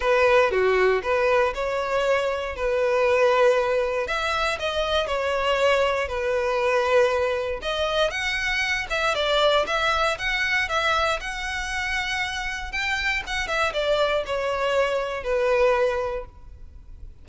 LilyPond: \new Staff \with { instrumentName = "violin" } { \time 4/4 \tempo 4 = 118 b'4 fis'4 b'4 cis''4~ | cis''4 b'2. | e''4 dis''4 cis''2 | b'2. dis''4 |
fis''4. e''8 d''4 e''4 | fis''4 e''4 fis''2~ | fis''4 g''4 fis''8 e''8 d''4 | cis''2 b'2 | }